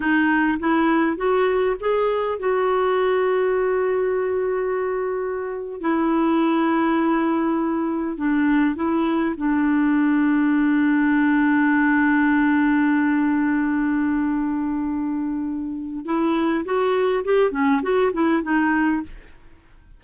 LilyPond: \new Staff \with { instrumentName = "clarinet" } { \time 4/4 \tempo 4 = 101 dis'4 e'4 fis'4 gis'4 | fis'1~ | fis'4.~ fis'16 e'2~ e'16~ | e'4.~ e'16 d'4 e'4 d'16~ |
d'1~ | d'1~ | d'2. e'4 | fis'4 g'8 cis'8 fis'8 e'8 dis'4 | }